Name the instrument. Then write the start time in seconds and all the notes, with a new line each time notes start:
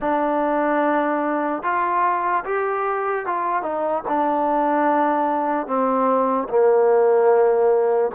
trombone
0.00 D4
1.63 F4
2.45 G4
3.25 F4
3.62 D#4
4.08 D4
5.66 C4
6.49 A#3